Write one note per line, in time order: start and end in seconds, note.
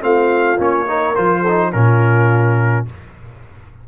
0.00 0.58 A3
0.00 0.57 C4
0.00 0.88 F4
0.00 0.60 F5
0.58 1.15 A#3
0.58 0.86 C#4
0.58 1.15 C#5
0.86 1.15 D#4
0.86 1.42 A#4
1.15 1.73 F3
1.15 1.44 F4
1.15 1.72 C5
1.42 1.70 A4
1.48 1.73 D#4
1.72 2.87 A#2
1.72 2.86 C#4
1.72 2.88 F4
1.72 2.85 A#4